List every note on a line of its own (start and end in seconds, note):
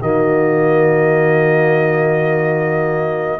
0.00 3.40 D#3
0.00 3.39 A#3
0.00 3.40 F#4
0.00 3.40 D#5